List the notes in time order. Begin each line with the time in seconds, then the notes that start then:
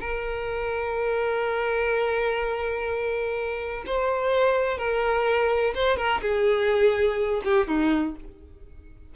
0.00 A#4
3.86 C5
4.78 A#4
5.75 C5
5.97 A#4
6.22 G#4
7.44 G4
7.68 D#4